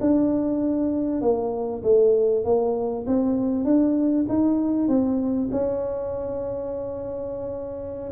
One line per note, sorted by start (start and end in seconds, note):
0.00 1.21 D4
1.21 1.82 A#3
1.83 2.44 A3
2.44 3.06 A#3
3.06 3.64 C4
3.64 4.25 D4
4.28 4.88 D#4
4.88 5.49 C4
5.51 8.11 C#4